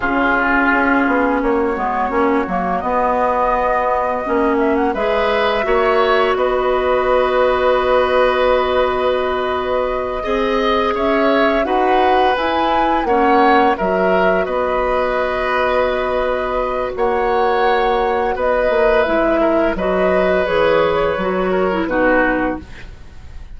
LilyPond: <<
  \new Staff \with { instrumentName = "flute" } { \time 4/4 \tempo 4 = 85 gis'2 cis''2 | dis''2~ dis''8 e''16 fis''16 e''4~ | e''4 dis''2.~ | dis''2.~ dis''8 e''8~ |
e''8 fis''4 gis''4 fis''4 e''8~ | e''8 dis''2.~ dis''8 | fis''2 dis''4 e''4 | dis''4 cis''2 b'4 | }
  \new Staff \with { instrumentName = "oboe" } { \time 4/4 f'2 fis'2~ | fis'2. b'4 | cis''4 b'2.~ | b'2~ b'8 dis''4 cis''8~ |
cis''8 b'2 cis''4 ais'8~ | ais'8 b'2.~ b'8 | cis''2 b'4. ais'8 | b'2~ b'8 ais'8 fis'4 | }
  \new Staff \with { instrumentName = "clarinet" } { \time 4/4 cis'2~ cis'8 b8 cis'8 ais8 | b2 cis'4 gis'4 | fis'1~ | fis'2~ fis'8 gis'4.~ |
gis'8 fis'4 e'4 cis'4 fis'8~ | fis'1~ | fis'2. e'4 | fis'4 gis'4 fis'8. e'16 dis'4 | }
  \new Staff \with { instrumentName = "bassoon" } { \time 4/4 cis4 cis'8 b8 ais8 gis8 ais8 fis8 | b2 ais4 gis4 | ais4 b2.~ | b2~ b8 c'4 cis'8~ |
cis'8 dis'4 e'4 ais4 fis8~ | fis8 b2.~ b8 | ais2 b8 ais8 gis4 | fis4 e4 fis4 b,4 | }
>>